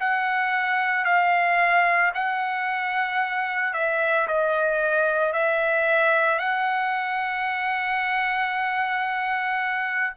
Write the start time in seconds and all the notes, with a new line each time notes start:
0.00 F#5
1.05 F5
2.14 F#5
3.74 E5
4.28 D#5
5.33 E5
6.39 F#5